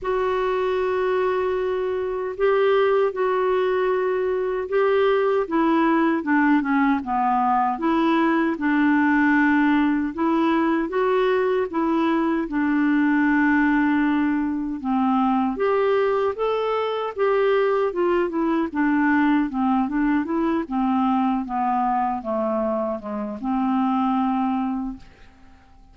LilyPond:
\new Staff \with { instrumentName = "clarinet" } { \time 4/4 \tempo 4 = 77 fis'2. g'4 | fis'2 g'4 e'4 | d'8 cis'8 b4 e'4 d'4~ | d'4 e'4 fis'4 e'4 |
d'2. c'4 | g'4 a'4 g'4 f'8 e'8 | d'4 c'8 d'8 e'8 c'4 b8~ | b8 a4 gis8 c'2 | }